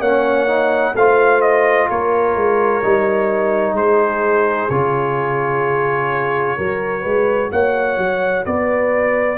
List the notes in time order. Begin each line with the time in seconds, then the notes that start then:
0.00 A#3 C#4 C#5 F#5
0.48 D#4
0.96 A3 F4 C5 F5
1.42 D#5
1.90 A#3 A#4 C#5
2.36 G#3
2.83 G3 D#4
3.73 G#3 G#4 C5
4.70 C#3 F4 C#5
6.58 F#3 F#4 A#4
7.02 G#3 B4
7.52 A#3 C#5 F#5
7.98 F#3
8.46 B3 B4 D5